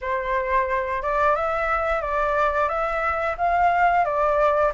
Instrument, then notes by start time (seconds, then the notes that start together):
flute
0.01 C5
1.02 D5
1.35 E5
2.01 D5
2.68 E5
3.37 F5
4.04 D5